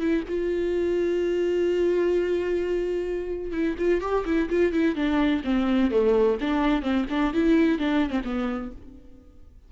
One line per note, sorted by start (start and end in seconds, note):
0.00 0.23 E4
0.28 3.52 F4
3.52 3.75 E4
3.78 4.01 F4
4.01 4.24 G4
4.25 4.49 E4
4.49 4.73 F4
4.73 4.95 E4
4.95 5.42 D4
5.44 5.91 C4
5.91 6.38 A3
6.40 6.82 D4
6.82 7.05 C4
7.10 7.33 D4
7.33 7.78 E4
7.78 8.09 D4
8.09 8.21 C4
8.24 8.71 B3